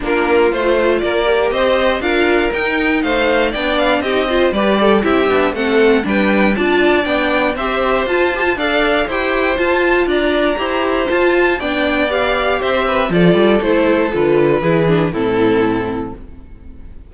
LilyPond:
<<
  \new Staff \with { instrumentName = "violin" } { \time 4/4 \tempo 4 = 119 ais'4 c''4 d''4 dis''4 | f''4 g''4 f''4 g''8 f''8 | dis''4 d''4 e''4 fis''4 | g''4 a''4 g''4 e''4 |
a''4 f''4 g''4 a''4 | ais''2 a''4 g''4 | f''4 e''4 d''4 c''4 | b'2 a'2 | }
  \new Staff \with { instrumentName = "violin" } { \time 4/4 f'2 ais'4 c''4 | ais'2 c''4 d''4 | g'8 c''8 b'8 a'8 g'4 a'4 | b'4 d''2 c''4~ |
c''4 d''4 c''2 | d''4 c''2 d''4~ | d''4 c''8 b'8 a'2~ | a'4 gis'4 e'2 | }
  \new Staff \with { instrumentName = "viola" } { \time 4/4 d'4 f'4. g'4. | f'4 dis'2 d'4 | dis'8 f'8 g'4 e'8 d'8 c'4 | d'4 f'4 d'4 g'4 |
f'8 g'16 f'16 a'4 g'4 f'4~ | f'4 g'4 f'4 d'4 | g'2 f'4 e'4 | f'4 e'8 d'8 c'2 | }
  \new Staff \with { instrumentName = "cello" } { \time 4/4 ais4 a4 ais4 c'4 | d'4 dis'4 a4 b4 | c'4 g4 c'8 b8 a4 | g4 d'4 b4 c'4 |
f'4 d'4 e'4 f'4 | d'4 e'4 f'4 b4~ | b4 c'4 f8 g8 a4 | d4 e4 a,2 | }
>>